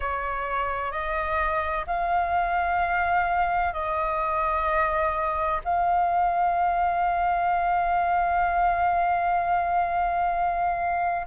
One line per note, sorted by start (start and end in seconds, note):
0.00 0.91 C#5
0.91 1.85 D#5
1.87 3.73 F5
3.73 5.60 D#5
5.64 11.27 F5